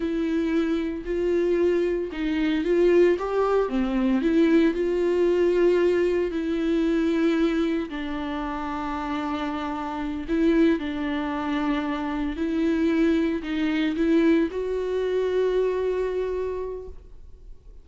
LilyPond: \new Staff \with { instrumentName = "viola" } { \time 4/4 \tempo 4 = 114 e'2 f'2 | dis'4 f'4 g'4 c'4 | e'4 f'2. | e'2. d'4~ |
d'2.~ d'8 e'8~ | e'8 d'2. e'8~ | e'4. dis'4 e'4 fis'8~ | fis'1 | }